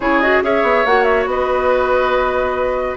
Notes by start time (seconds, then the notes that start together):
0.00 C#3 E4 G#4 C#5
0.20 F#4 D#5
0.42 C#4 G#4 C#5 E5
0.62 B3
0.85 A#3 F#4 F#5
1.03 E5
1.25 B3 B4 D#5